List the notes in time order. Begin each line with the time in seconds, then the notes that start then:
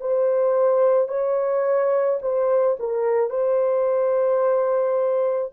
0.00 C5
1.08 C#5
2.21 C5
2.79 A#4
3.30 C5